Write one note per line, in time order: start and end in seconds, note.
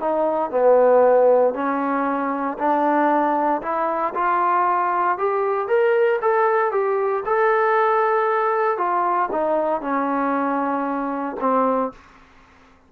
0.00 0.51 D#4
0.51 1.54 B3
1.54 2.58 C#4
2.58 3.62 D4
3.62 4.14 E4
4.15 5.18 F4
5.18 5.68 G4
5.68 6.20 A#4
6.22 6.72 A4
6.72 7.24 G4
7.26 8.78 A4
8.78 9.29 F4
9.32 9.81 D#4
9.81 11.36 C#4
11.41 11.92 C4